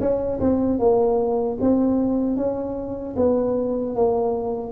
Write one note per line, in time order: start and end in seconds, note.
0.00 0.39 C#4
0.40 0.79 C4
0.79 1.58 A#3
1.60 2.36 C4
2.36 3.15 C#4
3.16 3.95 B3
3.95 4.72 A#3